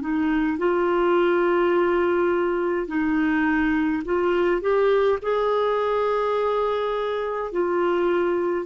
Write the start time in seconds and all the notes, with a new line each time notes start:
0.00 D#4
0.58 F4
2.87 D#4
4.04 F4
4.61 G4
5.22 G#4
7.51 F4